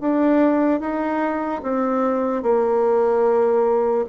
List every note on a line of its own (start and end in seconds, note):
0.00 0.80 D4
0.80 1.61 D#4
1.63 2.43 C4
2.43 4.05 A#3